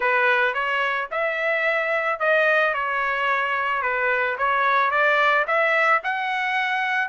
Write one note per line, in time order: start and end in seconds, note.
0.00 0.53 B4
0.53 1.08 C#5
1.11 2.19 E5
2.19 2.73 D#5
2.73 3.82 C#5
3.82 4.36 B4
4.38 4.90 C#5
4.90 5.45 D5
5.47 6.01 E5
6.03 7.08 F#5